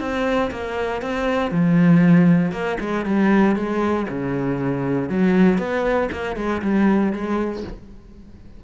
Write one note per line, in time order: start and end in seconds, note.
0.00 0.51 C4
0.51 1.02 A#3
1.02 1.51 C4
1.51 2.52 F3
2.52 2.77 A#3
2.80 3.06 G#3
3.06 3.56 G3
3.56 4.07 G#3
4.09 5.09 C#3
5.09 5.58 F#3
5.58 6.09 B3
6.12 6.36 A#3
6.36 6.62 G#3
6.62 7.13 G3
7.13 7.64 G#3